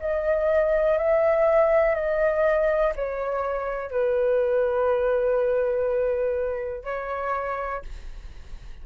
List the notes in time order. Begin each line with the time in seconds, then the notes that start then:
0.00 D#5
0.98 E5
1.95 D#5
2.96 C#5
3.91 B4
6.84 C#5